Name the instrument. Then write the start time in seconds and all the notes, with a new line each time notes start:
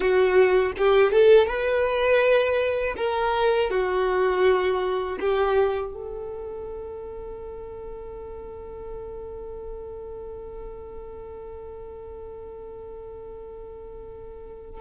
violin
0.00 F#4
0.77 G4
1.12 A4
1.46 B4
2.96 A#4
3.70 F#4
5.20 G4
5.93 A4